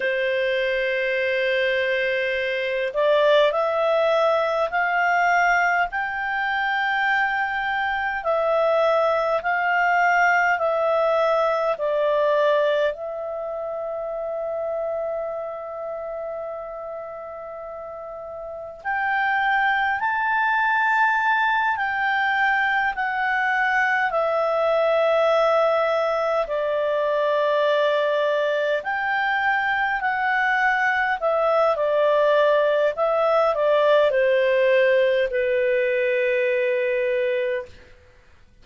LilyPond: \new Staff \with { instrumentName = "clarinet" } { \time 4/4 \tempo 4 = 51 c''2~ c''8 d''8 e''4 | f''4 g''2 e''4 | f''4 e''4 d''4 e''4~ | e''1 |
g''4 a''4. g''4 fis''8~ | fis''8 e''2 d''4.~ | d''8 g''4 fis''4 e''8 d''4 | e''8 d''8 c''4 b'2 | }